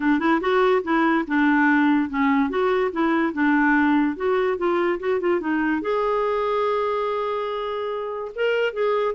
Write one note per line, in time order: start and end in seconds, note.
0.00 0.19 D4
0.19 0.40 E4
0.40 0.82 F#4
0.83 1.25 E4
1.27 2.09 D4
2.09 2.49 C#4
2.49 2.91 F#4
2.92 3.33 E4
3.33 4.16 D4
4.16 4.57 F#4
4.57 4.99 F4
4.99 5.20 F#4
5.20 5.40 F4
5.40 5.81 D#4
5.81 8.31 G#4
8.35 8.73 A#4
8.73 9.15 G#4